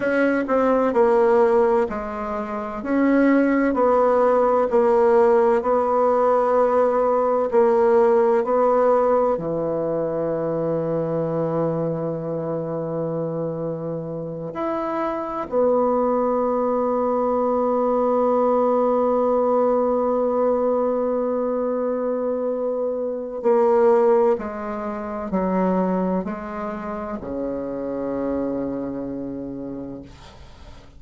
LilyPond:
\new Staff \with { instrumentName = "bassoon" } { \time 4/4 \tempo 4 = 64 cis'8 c'8 ais4 gis4 cis'4 | b4 ais4 b2 | ais4 b4 e2~ | e2.~ e8 e'8~ |
e'8 b2.~ b8~ | b1~ | b4 ais4 gis4 fis4 | gis4 cis2. | }